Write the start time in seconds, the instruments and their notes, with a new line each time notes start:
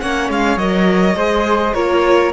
0.00 cello A#3, viola C#4, flute C#5, violin F#5
0.29 cello G#3, violin F5
0.57 cello F#3, viola A#4, violin D#5
1.15 cello G#3, viola G#4, flute C5
1.74 cello A#3, viola F4, flute A#4, violin C#5